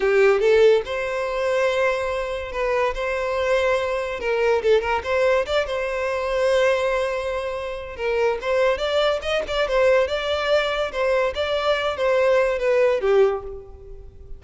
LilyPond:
\new Staff \with { instrumentName = "violin" } { \time 4/4 \tempo 4 = 143 g'4 a'4 c''2~ | c''2 b'4 c''4~ | c''2 ais'4 a'8 ais'8 | c''4 d''8 c''2~ c''8~ |
c''2. ais'4 | c''4 d''4 dis''8 d''8 c''4 | d''2 c''4 d''4~ | d''8 c''4. b'4 g'4 | }